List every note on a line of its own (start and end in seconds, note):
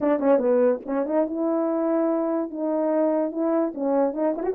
0.00 0.19 D4
0.19 0.38 C#4
0.38 0.80 B3
0.85 1.06 C#4
1.06 1.26 D#4
1.26 2.50 E4
2.50 3.31 D#4
3.31 3.72 E4
3.74 4.13 C#4
4.13 4.34 D#4
4.36 4.42 E4
4.42 4.53 F#4